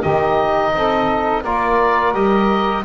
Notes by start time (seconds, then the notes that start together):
0.00 D#3 D#4 G4 D#5
0.74 C4 A4
1.42 A#3 F4 A#4 D5
2.14 G3 G4 D#5